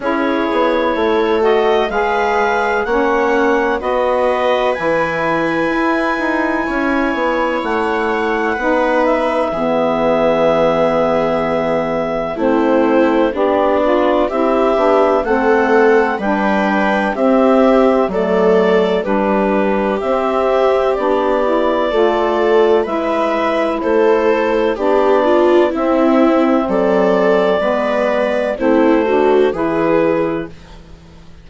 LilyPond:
<<
  \new Staff \with { instrumentName = "clarinet" } { \time 4/4 \tempo 4 = 63 cis''4. dis''8 f''4 fis''4 | dis''4 gis''2. | fis''4. e''2~ e''8~ | e''4 c''4 d''4 e''4 |
fis''4 g''4 e''4 d''4 | b'4 e''4 d''2 | e''4 c''4 d''4 e''4 | d''2 c''4 b'4 | }
  \new Staff \with { instrumentName = "viola" } { \time 4/4 gis'4 a'4 b'4 cis''4 | b'2. cis''4~ | cis''4 b'4 gis'2~ | gis'4 e'4 d'4 g'4 |
a'4 b'4 g'4 a'4 | g'2. a'4 | b'4 a'4 g'8 f'8 e'4 | a'4 b'4 e'8 fis'8 gis'4 | }
  \new Staff \with { instrumentName = "saxophone" } { \time 4/4 e'4. fis'8 gis'4 cis'4 | fis'4 e'2.~ | e'4 dis'4 b2~ | b4 c'4 g'8 f'8 e'8 d'8 |
c'4 d'4 c'4 a4 | d'4 c'4 d'8 e'8 f'4 | e'2 d'4 c'4~ | c'4 b4 c'8 d'8 e'4 | }
  \new Staff \with { instrumentName = "bassoon" } { \time 4/4 cis'8 b8 a4 gis4 ais4 | b4 e4 e'8 dis'8 cis'8 b8 | a4 b4 e2~ | e4 a4 b4 c'8 b8 |
a4 g4 c'4 fis4 | g4 c'4 b4 a4 | gis4 a4 b4 c'4 | fis4 gis4 a4 e4 | }
>>